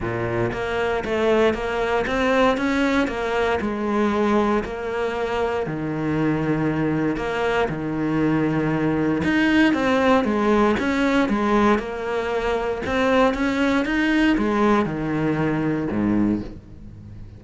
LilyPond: \new Staff \with { instrumentName = "cello" } { \time 4/4 \tempo 4 = 117 ais,4 ais4 a4 ais4 | c'4 cis'4 ais4 gis4~ | gis4 ais2 dis4~ | dis2 ais4 dis4~ |
dis2 dis'4 c'4 | gis4 cis'4 gis4 ais4~ | ais4 c'4 cis'4 dis'4 | gis4 dis2 gis,4 | }